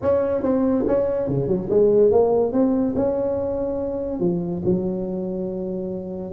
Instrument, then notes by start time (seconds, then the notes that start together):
tuba
0.02 C#4
0.42 C4
0.87 C#4
1.28 C#3
1.47 F#3
1.70 G#3
2.11 A#3
2.52 C4
2.95 C#4
4.20 F3
4.65 F#3